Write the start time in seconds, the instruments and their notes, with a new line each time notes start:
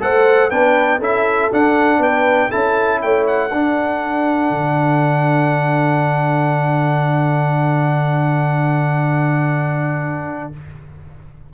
0.00 tuba A3, trombone A4, horn C5, trumpet F#5
0.50 tuba B3, trombone D4, horn B4, trumpet G5
0.98 tuba C#4, trombone E4, horn A4, trumpet E5
1.52 trombone D4, tuba D4, trumpet F#5
1.99 tuba B3, horn B4, trumpet G5
2.50 tuba C#4, trombone E4, horn A4, trumpet A5
3.02 tuba A3, horn C#5, trumpet G5
3.27 trumpet F#5
3.50 tuba D4, trombone D4, horn A4
4.50 tuba D3